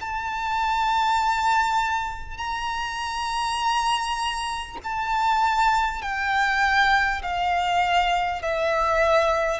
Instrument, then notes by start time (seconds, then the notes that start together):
violin
0.00 A5
2.37 A#5
4.83 A5
6.02 G5
7.22 F5
8.42 E5